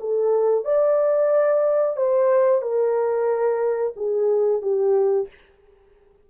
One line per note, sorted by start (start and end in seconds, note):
0.00 0.64 A4
0.64 1.96 D5
1.96 2.62 C5
2.62 3.94 A#4
3.96 4.62 G#4
4.62 5.27 G4